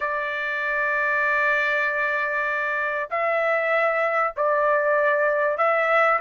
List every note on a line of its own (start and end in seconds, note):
0.00 3.09 D5
3.10 4.34 E5
4.36 5.57 D5
5.57 6.19 E5